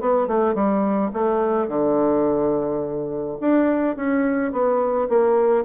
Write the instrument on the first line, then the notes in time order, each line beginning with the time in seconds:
bassoon
0.00 B3
0.27 A3
0.54 G3
1.13 A3
1.68 D3
3.40 D4
3.96 C#4
4.52 B3
5.09 A#3